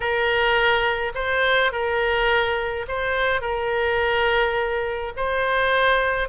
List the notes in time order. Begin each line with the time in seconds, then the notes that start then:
0.00 A#4
1.14 C5
1.71 A#4
2.88 C5
3.41 A#4
5.16 C5